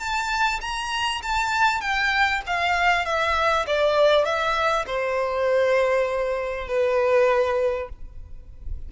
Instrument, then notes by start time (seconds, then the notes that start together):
violin
0.00 A5
0.61 A#5
1.23 A5
1.81 G5
2.47 F5
3.06 E5
3.67 D5
4.25 E5
4.87 C5
6.68 B4